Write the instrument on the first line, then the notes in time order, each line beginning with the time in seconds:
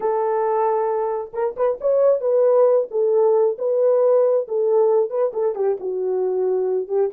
horn
0.00 A4
1.33 A#4
1.56 B4
1.80 C#5
2.20 B4
2.90 A4
3.58 B4
4.48 A4
5.09 B4
5.33 A4
5.55 G4
5.79 F#4
6.88 G4